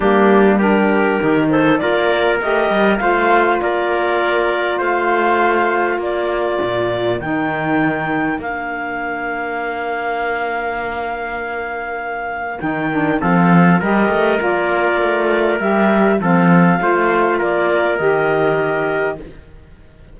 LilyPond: <<
  \new Staff \with { instrumentName = "clarinet" } { \time 4/4 \tempo 4 = 100 g'4 ais'4. c''8 d''4 | dis''4 f''4 d''2 | f''2 d''2 | g''2 f''2~ |
f''1~ | f''4 g''4 f''4 dis''4 | d''2 e''4 f''4~ | f''4 d''4 dis''2 | }
  \new Staff \with { instrumentName = "trumpet" } { \time 4/4 d'4 g'4. a'8 ais'4~ | ais'4 c''4 ais'2 | c''2 ais'2~ | ais'1~ |
ais'1~ | ais'2 a'4 ais'4~ | ais'2. a'4 | c''4 ais'2. | }
  \new Staff \with { instrumentName = "saxophone" } { \time 4/4 ais4 d'4 dis'4 f'4 | g'4 f'2.~ | f'1 | dis'2 d'2~ |
d'1~ | d'4 dis'8 d'8 c'4 g'4 | f'2 g'4 c'4 | f'2 g'2 | }
  \new Staff \with { instrumentName = "cello" } { \time 4/4 g2 dis4 ais4 | a8 g8 a4 ais2 | a2 ais4 ais,4 | dis2 ais2~ |
ais1~ | ais4 dis4 f4 g8 a8 | ais4 a4 g4 f4 | a4 ais4 dis2 | }
>>